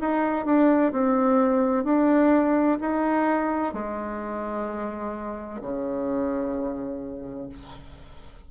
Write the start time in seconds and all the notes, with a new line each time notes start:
0.00 D#4
0.45 D4
0.92 C4
1.84 D4
2.80 D#4
3.73 G#3
5.61 C#3